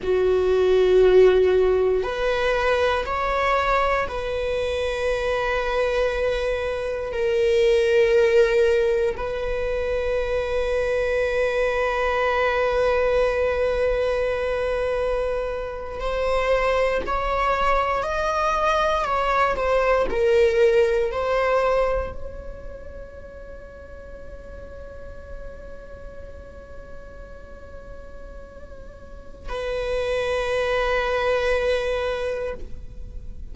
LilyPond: \new Staff \with { instrumentName = "viola" } { \time 4/4 \tempo 4 = 59 fis'2 b'4 cis''4 | b'2. ais'4~ | ais'4 b'2.~ | b'2.~ b'8. c''16~ |
c''8. cis''4 dis''4 cis''8 c''8 ais'16~ | ais'8. c''4 cis''2~ cis''16~ | cis''1~ | cis''4 b'2. | }